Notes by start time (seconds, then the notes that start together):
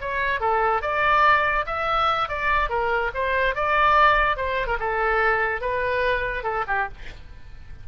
0.00 C#5
0.40 A4
0.81 D5
1.66 E5
2.28 D5
2.69 A#4
3.14 C5
3.55 D5
4.36 C5
4.67 A#4
4.79 A4
5.61 B4
6.43 A4
6.67 G4